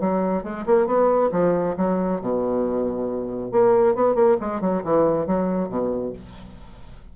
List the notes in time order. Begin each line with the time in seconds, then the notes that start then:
0.00 F#3
0.43 G#3
0.66 A#3
0.86 B3
1.32 F3
1.77 F#3
2.21 B2
3.52 A#3
3.95 B3
4.15 A#3
4.41 G#3
4.61 F#3
4.84 E3
5.27 F#3
5.69 B2